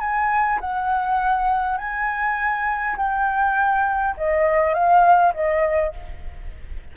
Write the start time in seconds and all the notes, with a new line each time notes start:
0.00 G#5
0.61 F#5
1.78 G#5
2.97 G5
4.17 D#5
4.74 F5
5.34 D#5